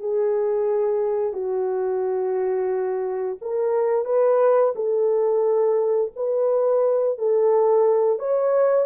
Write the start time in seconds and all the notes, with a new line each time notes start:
0.00 G#4
1.33 F#4
3.41 A#4
4.05 B4
4.75 A4
6.16 B4
7.18 A4
8.19 C#5